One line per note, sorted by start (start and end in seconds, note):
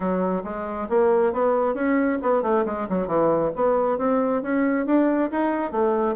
0.00 0.43 F#3
0.44 0.88 G#3
0.89 1.33 A#3
1.33 1.74 B3
1.74 2.18 C#4
2.21 2.42 B3
2.42 2.64 A3
2.65 2.87 G#3
2.89 3.07 F#3
3.07 3.51 E3
3.55 3.98 B3
3.98 4.42 C4
4.42 4.86 C#4
4.86 5.30 D4
5.31 5.71 D#4
5.71 6.15 A3